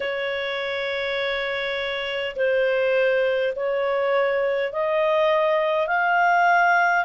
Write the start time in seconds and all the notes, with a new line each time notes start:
0.00 C#5
2.35 C5
3.55 C#5
4.72 D#5
5.87 F5